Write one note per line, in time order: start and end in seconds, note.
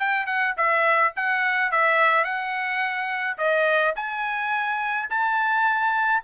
0.00 0.27 G5
0.27 0.55 F#5
0.57 1.14 E5
1.17 1.72 F#5
1.72 2.25 E5
2.25 3.38 F#5
3.39 3.95 D#5
3.96 5.09 G#5
5.10 6.23 A5